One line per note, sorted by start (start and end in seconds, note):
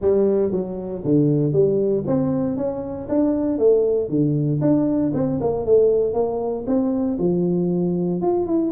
0.01 0.51 G3
0.51 1.03 F#3
1.04 1.52 D3
1.52 2.04 G3
2.07 2.56 C4
2.56 3.08 C#4
3.08 3.58 D4
3.58 4.09 A3
4.09 4.60 D3
4.61 5.12 D4
5.14 5.39 C4
5.41 5.65 A#3
5.65 6.13 A3
6.13 6.65 A#3
6.66 7.18 C4
7.18 8.21 F3
8.21 8.46 F4
8.46 8.71 E4